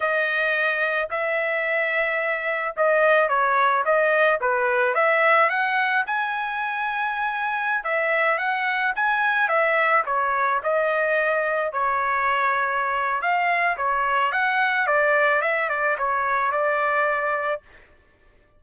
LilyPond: \new Staff \with { instrumentName = "trumpet" } { \time 4/4 \tempo 4 = 109 dis''2 e''2~ | e''4 dis''4 cis''4 dis''4 | b'4 e''4 fis''4 gis''4~ | gis''2~ gis''16 e''4 fis''8.~ |
fis''16 gis''4 e''4 cis''4 dis''8.~ | dis''4~ dis''16 cis''2~ cis''8. | f''4 cis''4 fis''4 d''4 | e''8 d''8 cis''4 d''2 | }